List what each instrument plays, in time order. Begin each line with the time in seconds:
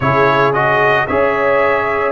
0.00 tuba C#3, trombone E4, horn G#4, trumpet C#5
0.53 trombone F#4, trumpet D#5
1.07 tuba C#4, trombone G#4, horn C#5, trumpet E5